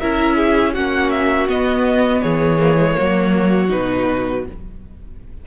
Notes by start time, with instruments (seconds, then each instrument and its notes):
0.00 cello C#4, viola E4, violin A#4 E5
0.37 violin G#4
0.74 cello A#3, viola C#4, violin F#4 F#5
1.11 violin E5
1.48 cello B3, viola B3, violin D#5
2.22 cello E3, violin G#4 C#5
2.59 viola A#3
2.78 viola G#3
2.94 viola A#3, violin F#4
3.00 cello F#3
3.69 cello B2, viola D#4, violin B4